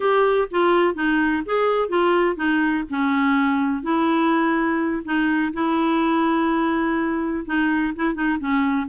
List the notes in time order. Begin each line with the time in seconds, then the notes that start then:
0.00 G4
0.50 F4
0.94 D#4
1.45 G#4
1.89 F4
2.35 D#4
2.90 C#4
3.83 E4
5.04 D#4
5.53 E4
7.45 D#4
7.95 E4
8.14 D#4
8.39 C#4